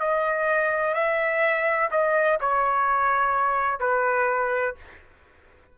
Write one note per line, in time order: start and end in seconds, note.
0.00 0.94 D#5
0.94 1.89 E5
1.91 2.39 D#5
2.41 3.80 C#5
3.80 4.75 B4